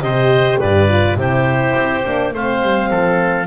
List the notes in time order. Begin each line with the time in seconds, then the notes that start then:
0.00 C3 G4 C5 D#5
0.60 G2 B4 D5
0.89 F4
1.16 C3 E4 G4 C5
1.75 C4
2.04 A#3 D4
2.33 A3 C4 C5 F5
2.62 G3
2.90 F3 A4